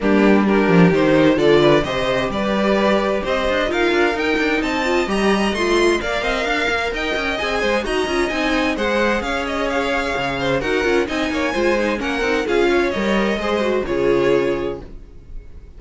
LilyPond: <<
  \new Staff \with { instrumentName = "violin" } { \time 4/4 \tempo 4 = 130 g'4 ais'4 c''4 d''4 | dis''4 d''2 dis''4 | f''4 g''4 a''4 ais''4 | c'''4 f''2 g''4 |
gis''4 ais''4 gis''4 fis''4 | f''8 dis''8 f''2 fis''4 | gis''2 fis''4 f''4 | dis''2 cis''2 | }
  \new Staff \with { instrumentName = "violin" } { \time 4/4 d'4 g'2 a'8 b'8 | c''4 b'2 c''4 | ais'2 dis''2~ | dis''4 d''8 dis''8 f''4 dis''4~ |
dis''8 c''8 dis''2 c''4 | cis''2~ cis''8 c''8 ais'4 | dis''8 cis''8 c''4 ais'4 gis'8 cis''8~ | cis''4 c''4 gis'2 | }
  \new Staff \with { instrumentName = "viola" } { \time 4/4 ais4 d'4 dis'4 f'4 | g'1 | f'4 dis'4. f'8 g'4 | f'4 ais'2. |
gis'4 fis'8 f'8 dis'4 gis'4~ | gis'2. fis'8 f'8 | dis'4 f'8 dis'8 cis'8 dis'8 f'4 | ais'4 gis'8 fis'8 f'2 | }
  \new Staff \with { instrumentName = "cello" } { \time 4/4 g4. f8 dis4 d4 | c4 g2 c'8 d'8 | dis'8 d'8 dis'8 d'8 c'4 g4 | a4 ais8 c'8 d'8 ais8 dis'8 cis'8 |
c'8 gis8 dis'8 cis'8 c'4 gis4 | cis'2 cis4 dis'8 cis'8 | c'8 ais8 gis4 ais8 c'8 cis'4 | g4 gis4 cis2 | }
>>